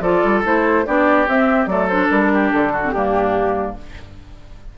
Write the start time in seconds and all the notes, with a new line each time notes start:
0.00 F3 F4 A4 D5
0.24 G3
0.43 A3 E4 C5
0.86 B3 D4 G4 D5
1.27 C4 E5
1.66 F#3 A3 A4 D5
1.88 D4 C5
2.09 G3 A#4
2.33 G4
2.52 D3 A4
2.72 F#4
2.83 C4
2.90 G2 A#3 D4 G4